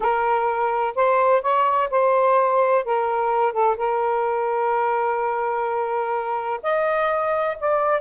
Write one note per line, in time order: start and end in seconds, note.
0.00 0.94 A#4
0.95 1.42 C5
1.42 1.89 C#5
1.90 2.84 C5
2.85 3.52 A#4
3.52 3.76 A4
3.77 6.60 A#4
6.62 7.57 D#5
7.59 8.01 D5